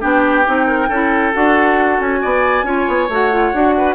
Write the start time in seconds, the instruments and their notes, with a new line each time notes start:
0.00 bassoon B3, clarinet D4, oboe G4, flute G5
0.45 bassoon C4, clarinet D#4
0.67 oboe A#4
0.88 bassoon C#4, clarinet E4, oboe A4
1.33 bassoon D4, clarinet F#4, flute F#5
1.99 bassoon C#4, flute G#5
2.22 bassoon B3, oboe D5
2.63 bassoon C#4, clarinet F4, oboe C#5
2.88 bassoon B3
3.08 bassoon A3, clarinet F#4, flute F#5
3.31 clarinet F4
3.53 bassoon D4, clarinet F#4
3.77 oboe B4